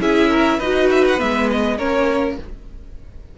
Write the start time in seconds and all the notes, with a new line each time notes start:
0.00 C#4 E4 G#4 E5
0.31 A#4
0.58 D#4 F#4 B4 D#5
0.90 E5
1.07 F#5
1.18 G#3 B3 E5
1.51 D#5
1.78 A#3 C#4 A#4 C#5